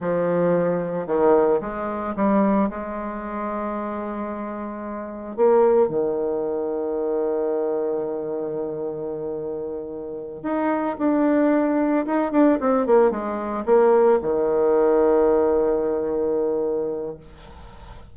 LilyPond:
\new Staff \with { instrumentName = "bassoon" } { \time 4/4 \tempo 4 = 112 f2 dis4 gis4 | g4 gis2.~ | gis2 ais4 dis4~ | dis1~ |
dis2.~ dis8 dis'8~ | dis'8 d'2 dis'8 d'8 c'8 | ais8 gis4 ais4 dis4.~ | dis1 | }